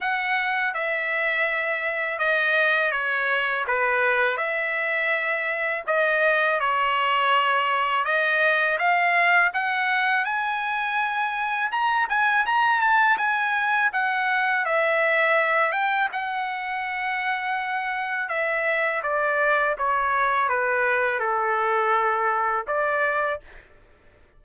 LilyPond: \new Staff \with { instrumentName = "trumpet" } { \time 4/4 \tempo 4 = 82 fis''4 e''2 dis''4 | cis''4 b'4 e''2 | dis''4 cis''2 dis''4 | f''4 fis''4 gis''2 |
ais''8 gis''8 ais''8 a''8 gis''4 fis''4 | e''4. g''8 fis''2~ | fis''4 e''4 d''4 cis''4 | b'4 a'2 d''4 | }